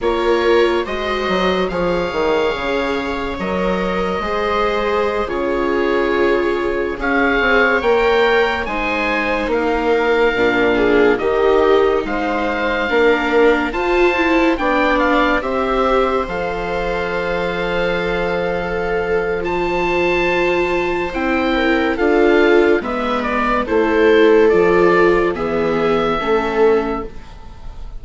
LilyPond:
<<
  \new Staff \with { instrumentName = "oboe" } { \time 4/4 \tempo 4 = 71 cis''4 dis''4 f''2 | dis''2~ dis''16 cis''4.~ cis''16~ | cis''16 f''4 g''4 gis''4 f''8.~ | f''4~ f''16 dis''4 f''4.~ f''16~ |
f''16 a''4 g''8 f''8 e''4 f''8.~ | f''2. a''4~ | a''4 g''4 f''4 e''8 d''8 | c''4 d''4 e''2 | }
  \new Staff \with { instrumentName = "viola" } { \time 4/4 ais'4 c''4 cis''2~ | cis''4 c''4~ c''16 gis'4.~ gis'16~ | gis'16 cis''2 c''4 ais'8.~ | ais'8. gis'8 g'4 c''4 ais'8.~ |
ais'16 c''4 d''4 c''4.~ c''16~ | c''2 a'4 c''4~ | c''4. ais'8 a'4 b'4 | a'2 gis'4 a'4 | }
  \new Staff \with { instrumentName = "viola" } { \time 4/4 f'4 fis'4 gis'2 | ais'4 gis'4~ gis'16 f'4.~ f'16~ | f'16 gis'4 ais'4 dis'4.~ dis'16~ | dis'16 d'4 dis'2 d'8.~ |
d'16 f'8 e'8 d'4 g'4 a'8.~ | a'2. f'4~ | f'4 e'4 f'4 b4 | e'4 f'4 b4 cis'4 | }
  \new Staff \with { instrumentName = "bassoon" } { \time 4/4 ais4 gis8 fis8 f8 dis8 cis4 | fis4 gis4~ gis16 cis4.~ cis16~ | cis16 cis'8 c'8 ais4 gis4 ais8.~ | ais16 ais,4 dis4 gis4 ais8.~ |
ais16 f'4 b4 c'4 f8.~ | f1~ | f4 c'4 d'4 gis4 | a4 f4 e4 a4 | }
>>